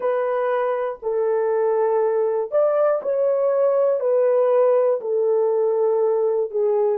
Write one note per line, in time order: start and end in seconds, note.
0.00 0.98 B4
1.02 2.51 A4
2.51 3.01 D5
3.02 4.00 C#5
4.00 5.00 B4
5.00 6.50 A4
6.50 6.98 G#4